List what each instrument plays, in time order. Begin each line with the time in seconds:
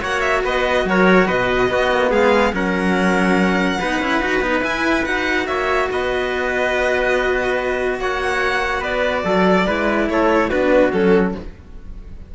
0.00 cello A#3 F#4, trumpet C#5, violin F#5
0.21 violin E5
0.44 cello B3, trumpet B4, violin D#5
0.85 cello F#3, trumpet A#4, violin C#5
1.27 cello B2, trumpet B4, violin D#5
1.69 cello B3, trumpet F#4
1.92 cello A#3
2.10 cello G#3, trumpet G#4, violin F5
2.53 cello F#3 C#4, trumpet A#4, violin F#5
3.80 cello B3 D#4, trumpet B4
4.00 cello C#4 E4
4.20 cello D#4 F#4
4.41 cello B3 D#4
4.61 cello E4, violin G#5
5.05 cello D#4 F#4, violin F#5
5.47 cello A#3, trumpet C#5, violin E5
5.91 cello B3, trumpet B4, violin D#5
8.00 cello A#3, trumpet C#5, violin F#5
8.81 cello B3, trumpet B4, violin D5
9.25 cello F#3, trumpet A4
9.67 cello G#3 E4, trumpet B4
10.09 cello A3, trumpet A4, violin C#5
10.50 cello B3 D4, trumpet F#4, violin B4
10.93 cello F#3 C#4, violin A4